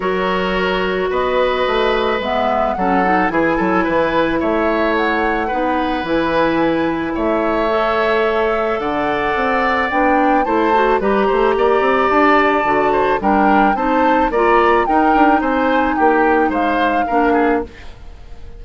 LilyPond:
<<
  \new Staff \with { instrumentName = "flute" } { \time 4/4 \tempo 4 = 109 cis''2 dis''2 | e''4 fis''4 gis''2 | e''4 fis''2 gis''4~ | gis''4 e''2. |
fis''2 g''4 a''4 | ais''2 a''2 | g''4 a''4 ais''4 g''4 | gis''4 g''4 f''2 | }
  \new Staff \with { instrumentName = "oboe" } { \time 4/4 ais'2 b'2~ | b'4 a'4 gis'8 a'8 b'4 | cis''2 b'2~ | b'4 cis''2. |
d''2. c''4 | b'8 c''8 d''2~ d''8 c''8 | ais'4 c''4 d''4 ais'4 | c''4 g'4 c''4 ais'8 gis'8 | }
  \new Staff \with { instrumentName = "clarinet" } { \time 4/4 fis'1 | b4 cis'8 dis'8 e'2~ | e'2 dis'4 e'4~ | e'2 a'2~ |
a'2 d'4 e'8 fis'8 | g'2. fis'4 | d'4 dis'4 f'4 dis'4~ | dis'2. d'4 | }
  \new Staff \with { instrumentName = "bassoon" } { \time 4/4 fis2 b4 a4 | gis4 fis4 e8 fis8 e4 | a2 b4 e4~ | e4 a2. |
d4 c'4 b4 a4 | g8 a8 ais8 c'8 d'4 d4 | g4 c'4 ais4 dis'8 d'8 | c'4 ais4 gis4 ais4 | }
>>